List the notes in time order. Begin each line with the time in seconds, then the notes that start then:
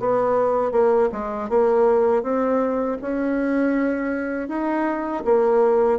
0.00 B3
0.72 A#3
1.12 G#3
1.49 A#3
2.23 C4
3.02 C#4
4.49 D#4
5.25 A#3